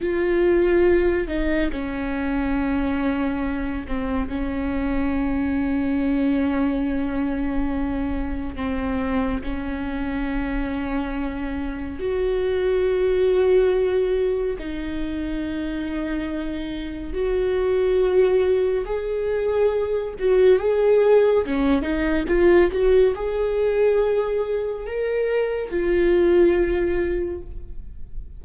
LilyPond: \new Staff \with { instrumentName = "viola" } { \time 4/4 \tempo 4 = 70 f'4. dis'8 cis'2~ | cis'8 c'8 cis'2.~ | cis'2 c'4 cis'4~ | cis'2 fis'2~ |
fis'4 dis'2. | fis'2 gis'4. fis'8 | gis'4 cis'8 dis'8 f'8 fis'8 gis'4~ | gis'4 ais'4 f'2 | }